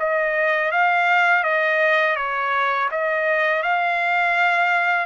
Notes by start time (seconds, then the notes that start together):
0.00 D#5
0.72 F5
1.44 D#5
2.17 C#5
2.92 D#5
3.63 F5